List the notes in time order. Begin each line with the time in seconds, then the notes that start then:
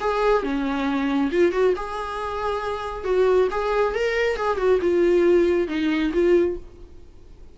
0.00 G#4
0.43 C#4
1.31 F4
1.51 F#4
1.76 G#4
3.04 F#4
3.51 G#4
3.94 A#4
4.36 G#4
4.57 F#4
4.81 F4
5.68 D#4
6.13 F4